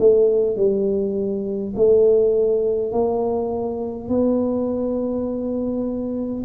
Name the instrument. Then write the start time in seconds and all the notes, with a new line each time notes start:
tuba
0.00 A3
0.56 G3
1.76 A3
2.92 A#3
4.09 B3